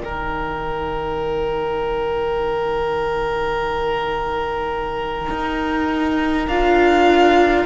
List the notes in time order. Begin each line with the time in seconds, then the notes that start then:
0.00 D#3 D#4 A#4 G5
5.30 D#4
6.48 D4 F4 F5